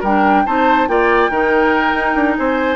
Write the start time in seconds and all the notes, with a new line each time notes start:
0.00 G3 D4 A#4 G5
0.46 C4 D#4 C5 A5
0.88 A#3 F4 D5 G5
1.30 D#3 D#4 A#4
1.94 D#4
2.15 D4
2.36 C4 C5 G#5